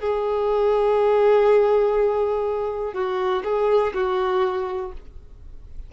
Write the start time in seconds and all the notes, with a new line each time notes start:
0.00 G#4
2.93 F#4
3.44 G#4
3.94 F#4